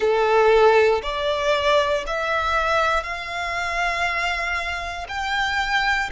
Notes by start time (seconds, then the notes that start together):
0.00 A4
1.02 D5
2.07 E5
3.03 F5
5.08 G5